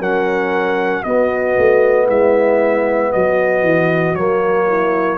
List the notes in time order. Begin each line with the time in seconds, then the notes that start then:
0.00 F#3 C#4 A#4 F#5
1.04 B3 F#4 D#5
1.58 A3
2.07 G#3 E4 E5
3.12 F#3 F#4 D#5
3.63 E3
4.16 F#3 A#3 C#5
4.69 E4